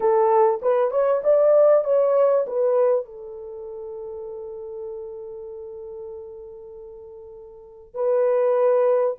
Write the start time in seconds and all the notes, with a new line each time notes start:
0.00 A4
0.62 B4
0.90 C#5
1.23 D5
1.84 C#5
2.46 B4
3.05 A4
7.94 B4